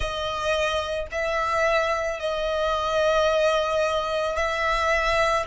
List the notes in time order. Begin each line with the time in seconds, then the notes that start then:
0.00 D#5
1.12 E5
2.20 D#5
4.36 E5